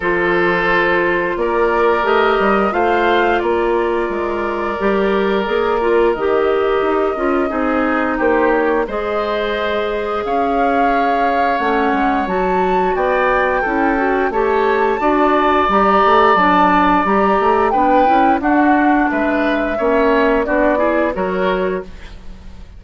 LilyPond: <<
  \new Staff \with { instrumentName = "flute" } { \time 4/4 \tempo 4 = 88 c''2 d''4 dis''4 | f''4 d''2.~ | d''4 dis''2. | c''8 cis''8 dis''2 f''4~ |
f''4 fis''4 a''4 g''4~ | g''4 a''2 ais''4 | a''4 ais''4 g''4 fis''4 | e''2 d''4 cis''4 | }
  \new Staff \with { instrumentName = "oboe" } { \time 4/4 a'2 ais'2 | c''4 ais'2.~ | ais'2. gis'4 | g'4 c''2 cis''4~ |
cis''2. d''4 | a'4 cis''4 d''2~ | d''2 b'4 fis'4 | b'4 cis''4 fis'8 gis'8 ais'4 | }
  \new Staff \with { instrumentName = "clarinet" } { \time 4/4 f'2. g'4 | f'2. g'4 | gis'8 f'8 g'4. f'8 dis'4~ | dis'4 gis'2.~ |
gis'4 cis'4 fis'2 | e'8 fis'8 g'4 fis'4 g'4 | d'4 g'4 d'8 e'8 d'4~ | d'4 cis'4 d'8 e'8 fis'4 | }
  \new Staff \with { instrumentName = "bassoon" } { \time 4/4 f2 ais4 a8 g8 | a4 ais4 gis4 g4 | ais4 dis4 dis'8 cis'8 c'4 | ais4 gis2 cis'4~ |
cis'4 a8 gis8 fis4 b4 | cis'4 a4 d'4 g8 a8 | fis4 g8 a8 b8 cis'8 d'4 | gis4 ais4 b4 fis4 | }
>>